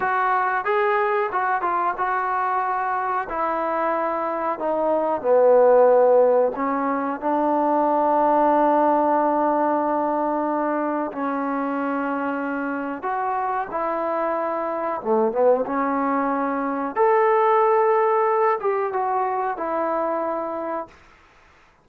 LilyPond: \new Staff \with { instrumentName = "trombone" } { \time 4/4 \tempo 4 = 92 fis'4 gis'4 fis'8 f'8 fis'4~ | fis'4 e'2 dis'4 | b2 cis'4 d'4~ | d'1~ |
d'4 cis'2. | fis'4 e'2 a8 b8 | cis'2 a'2~ | a'8 g'8 fis'4 e'2 | }